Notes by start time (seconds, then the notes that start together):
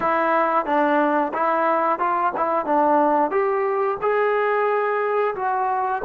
0.00 E4
0.65 D4
1.33 E4
1.99 F4
2.36 E4
2.65 D4
3.31 G4
4.01 G#4
5.35 F#4